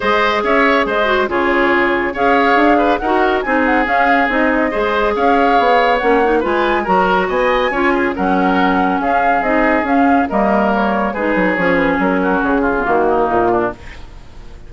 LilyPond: <<
  \new Staff \with { instrumentName = "flute" } { \time 4/4 \tempo 4 = 140 dis''4 e''4 dis''4 cis''4~ | cis''4 f''2 fis''4 | gis''8 fis''8 f''4 dis''2 | f''2 fis''4 gis''4 |
ais''4 gis''2 fis''4~ | fis''4 f''4 dis''4 f''4 | dis''4 cis''4 b'4 cis''8 b'8 | ais'4 gis'4 fis'4 f'4 | }
  \new Staff \with { instrumentName = "oboe" } { \time 4/4 c''4 cis''4 c''4 gis'4~ | gis'4 cis''4. b'8 ais'4 | gis'2. c''4 | cis''2. b'4 |
ais'4 dis''4 cis''8 gis'8 ais'4~ | ais'4 gis'2. | ais'2 gis'2~ | gis'8 fis'4 f'4 dis'4 d'8 | }
  \new Staff \with { instrumentName = "clarinet" } { \time 4/4 gis'2~ gis'8 fis'8 f'4~ | f'4 gis'2 fis'4 | dis'4 cis'4 dis'4 gis'4~ | gis'2 cis'8 dis'8 f'4 |
fis'2 f'4 cis'4~ | cis'2 dis'4 cis'4 | ais2 dis'4 cis'4~ | cis'4.~ cis'16 b16 ais2 | }
  \new Staff \with { instrumentName = "bassoon" } { \time 4/4 gis4 cis'4 gis4 cis4~ | cis4 cis'4 d'4 dis'4 | c'4 cis'4 c'4 gis4 | cis'4 b4 ais4 gis4 |
fis4 b4 cis'4 fis4~ | fis4 cis'4 c'4 cis'4 | g2 gis8 fis8 f4 | fis4 cis4 dis4 ais,4 | }
>>